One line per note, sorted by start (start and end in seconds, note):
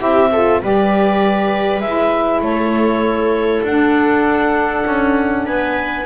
0.00 0.62 C4
0.00 0.30 E4
0.00 0.31 G4
0.00 0.62 E5
0.33 0.62 F4
0.33 0.62 A4
0.62 1.81 G3
0.62 1.84 G4
0.62 2.44 B4
0.62 1.81 D5
1.81 2.41 G#3
1.81 3.67 E4
1.81 2.42 E5
2.42 3.63 A3
2.42 5.46 A4
2.42 3.65 C#5
3.63 4.84 D4
3.63 6.07 D4
3.63 5.47 F#5
4.87 5.47 C#4
5.46 6.07 B3
5.46 6.07 B4
5.46 6.07 G#5